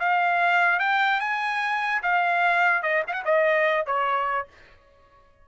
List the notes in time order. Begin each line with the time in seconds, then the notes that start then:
0.00 F5
0.80 G5
1.21 G#5
2.03 F5
2.83 D#5
3.08 F5 F#5
3.25 D#5
3.87 C#5